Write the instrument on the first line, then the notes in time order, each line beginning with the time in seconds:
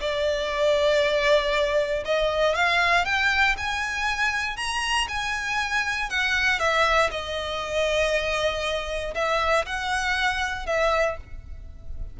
violin
0.00 D5
2.05 D#5
2.55 F5
3.05 G5
3.57 G#5
4.56 A#5
5.08 G#5
6.09 F#5
6.59 E5
7.11 D#5
9.14 E5
9.65 F#5
10.66 E5